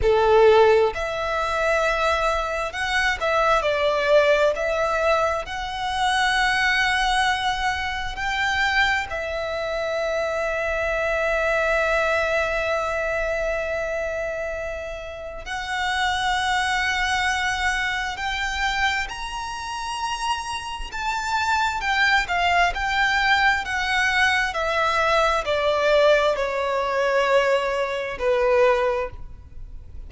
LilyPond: \new Staff \with { instrumentName = "violin" } { \time 4/4 \tempo 4 = 66 a'4 e''2 fis''8 e''8 | d''4 e''4 fis''2~ | fis''4 g''4 e''2~ | e''1~ |
e''4 fis''2. | g''4 ais''2 a''4 | g''8 f''8 g''4 fis''4 e''4 | d''4 cis''2 b'4 | }